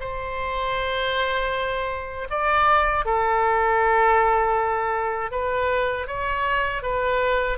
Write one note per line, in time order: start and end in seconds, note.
0.00 2.28 C5
2.30 3.05 D5
3.05 5.31 A4
5.31 6.07 B4
6.07 6.83 C#5
6.83 7.58 B4